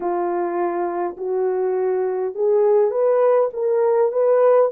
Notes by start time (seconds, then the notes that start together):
0.00 F4
1.17 F#4
2.34 G#4
2.90 B4
3.53 A#4
4.12 B4